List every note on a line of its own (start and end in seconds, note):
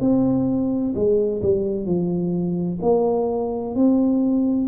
0.00 0.94 C4
0.95 1.42 G#3
1.42 1.86 G3
1.86 2.80 F3
2.82 3.75 A#3
3.75 4.68 C4